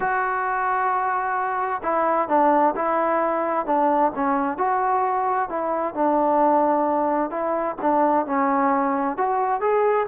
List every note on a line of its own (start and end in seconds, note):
0.00 1.81 F#4
1.82 2.28 E4
2.28 2.74 D4
2.75 3.66 E4
3.66 4.12 D4
4.15 4.57 C#4
4.57 5.49 F#4
5.49 5.94 E4
5.94 7.30 D4
7.30 7.76 E4
7.81 8.25 D4
8.25 9.17 C#4
9.17 9.60 F#4
9.60 10.06 G#4